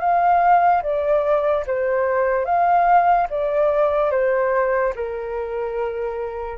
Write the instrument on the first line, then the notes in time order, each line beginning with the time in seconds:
flute
0.00 F5
0.83 D5
1.67 C5
2.45 F5
3.30 D5
4.11 C5
4.96 A#4